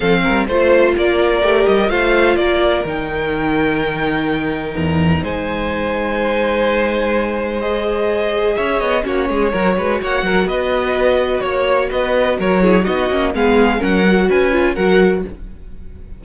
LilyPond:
<<
  \new Staff \with { instrumentName = "violin" } { \time 4/4 \tempo 4 = 126 f''4 c''4 d''4. dis''8 | f''4 d''4 g''2~ | g''2 ais''4 gis''4~ | gis''1 |
dis''2 e''8 dis''8 cis''4~ | cis''4 fis''4 dis''2 | cis''4 dis''4 cis''4 dis''4 | f''4 fis''4 gis''4 fis''4 | }
  \new Staff \with { instrumentName = "violin" } { \time 4/4 a'8 ais'8 c''4 ais'2 | c''4 ais'2.~ | ais'2. c''4~ | c''1~ |
c''2 cis''4 fis'8 gis'8 | ais'8 b'8 cis''8 ais'8 b'2 | cis''4 b'4 ais'8 gis'8 fis'4 | gis'4 ais'4 b'4 ais'4 | }
  \new Staff \with { instrumentName = "viola" } { \time 4/4 c'4 f'2 g'4 | f'2 dis'2~ | dis'1~ | dis'1 |
gis'2. cis'4 | fis'1~ | fis'2~ fis'8 e'8 dis'8 cis'8 | b4 cis'8 fis'4 f'8 fis'4 | }
  \new Staff \with { instrumentName = "cello" } { \time 4/4 f8 g8 a4 ais4 a8 g8 | a4 ais4 dis2~ | dis2 e,4 gis4~ | gis1~ |
gis2 cis'8 b8 ais8 gis8 | fis8 gis8 ais8 fis8 b2 | ais4 b4 fis4 b8 ais8 | gis4 fis4 cis'4 fis4 | }
>>